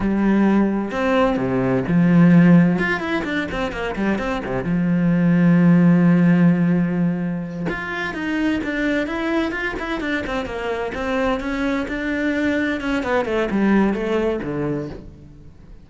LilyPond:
\new Staff \with { instrumentName = "cello" } { \time 4/4 \tempo 4 = 129 g2 c'4 c4 | f2 f'8 e'8 d'8 c'8 | ais8 g8 c'8 c8 f2~ | f1~ |
f8 f'4 dis'4 d'4 e'8~ | e'8 f'8 e'8 d'8 c'8 ais4 c'8~ | c'8 cis'4 d'2 cis'8 | b8 a8 g4 a4 d4 | }